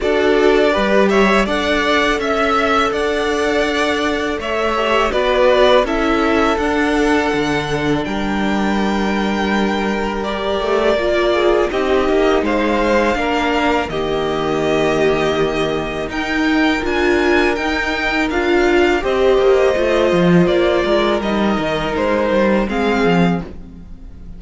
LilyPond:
<<
  \new Staff \with { instrumentName = "violin" } { \time 4/4 \tempo 4 = 82 d''4. e''8 fis''4 e''4 | fis''2 e''4 d''4 | e''4 fis''2 g''4~ | g''2 d''2 |
dis''4 f''2 dis''4~ | dis''2 g''4 gis''4 | g''4 f''4 dis''2 | d''4 dis''4 c''4 f''4 | }
  \new Staff \with { instrumentName = "violin" } { \time 4/4 a'4 b'8 cis''8 d''4 e''4 | d''2 cis''4 b'4 | a'2. ais'4~ | ais'2.~ ais'8 gis'8 |
g'4 c''4 ais'4 g'4~ | g'2 ais'2~ | ais'2 c''2~ | c''8 ais'2~ ais'8 gis'4 | }
  \new Staff \with { instrumentName = "viola" } { \time 4/4 fis'4 g'4 a'2~ | a'2~ a'8 g'8 fis'4 | e'4 d'2.~ | d'2 g'4 f'4 |
dis'2 d'4 ais4~ | ais2 dis'4 f'4 | dis'4 f'4 g'4 f'4~ | f'4 dis'2 c'4 | }
  \new Staff \with { instrumentName = "cello" } { \time 4/4 d'4 g4 d'4 cis'4 | d'2 a4 b4 | cis'4 d'4 d4 g4~ | g2~ g8 a8 ais4 |
c'8 ais8 gis4 ais4 dis4~ | dis2 dis'4 d'4 | dis'4 d'4 c'8 ais8 a8 f8 | ais8 gis8 g8 dis8 gis8 g8 gis8 f8 | }
>>